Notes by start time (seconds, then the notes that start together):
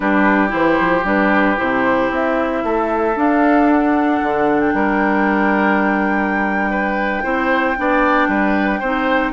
0.00 G3 D4 G4 B4
0.48 E3 E4 C5
0.79 F3
1.04 G3 D4 B4
1.56 C3 E4 C5
2.10 C4 E5
2.64 A3 A4
3.15 D4 F5
3.69 F#5
4.22 D3
4.60 G5
4.73 G3 A#4
6.70 B4
7.23 C4 E4 C5
7.76 B3 D4 D5
8.27 G3 B4
8.79 C4 D#4 C5